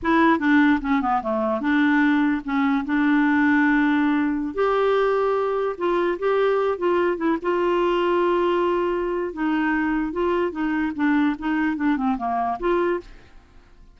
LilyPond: \new Staff \with { instrumentName = "clarinet" } { \time 4/4 \tempo 4 = 148 e'4 d'4 cis'8 b8 a4 | d'2 cis'4 d'4~ | d'2.~ d'16 g'8.~ | g'2~ g'16 f'4 g'8.~ |
g'8. f'4 e'8 f'4.~ f'16~ | f'2. dis'4~ | dis'4 f'4 dis'4 d'4 | dis'4 d'8 c'8 ais4 f'4 | }